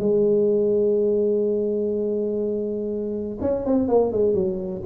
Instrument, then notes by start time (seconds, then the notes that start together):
tuba
0.00 G#3
3.42 C#4
3.66 C4
3.89 A#3
4.13 G#3
4.35 F#3